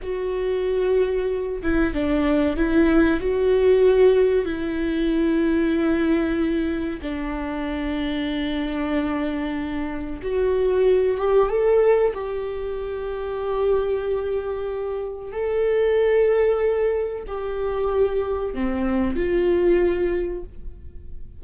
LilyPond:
\new Staff \with { instrumentName = "viola" } { \time 4/4 \tempo 4 = 94 fis'2~ fis'8 e'8 d'4 | e'4 fis'2 e'4~ | e'2. d'4~ | d'1 |
fis'4. g'8 a'4 g'4~ | g'1 | a'2. g'4~ | g'4 c'4 f'2 | }